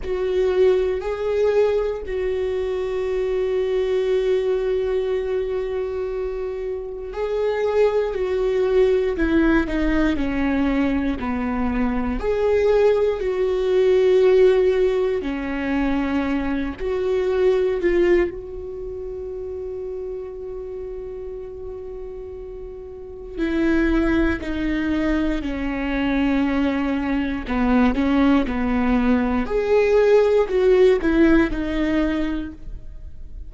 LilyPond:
\new Staff \with { instrumentName = "viola" } { \time 4/4 \tempo 4 = 59 fis'4 gis'4 fis'2~ | fis'2. gis'4 | fis'4 e'8 dis'8 cis'4 b4 | gis'4 fis'2 cis'4~ |
cis'8 fis'4 f'8 fis'2~ | fis'2. e'4 | dis'4 cis'2 b8 cis'8 | b4 gis'4 fis'8 e'8 dis'4 | }